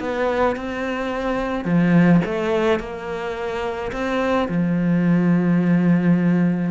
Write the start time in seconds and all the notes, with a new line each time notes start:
0.00 B3
0.56 C4
1.65 F3
2.26 A3
2.80 A#3
3.92 C4
4.49 F3